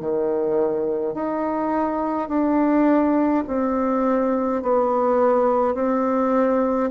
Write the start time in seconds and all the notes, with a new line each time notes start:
0.00 D#3
1.14 D#4
2.28 D4
3.47 C4
4.62 B3
5.74 C4